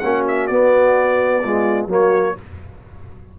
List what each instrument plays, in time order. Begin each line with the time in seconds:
0.00 tuba A#3, trombone C#4, horn F#4, trumpet F#5
0.28 trumpet E5
0.47 tuba B3, trombone B3, trumpet D5
1.44 trombone G#3, horn F4
1.87 tuba F#3, trombone A#3, horn F#4, trumpet C#5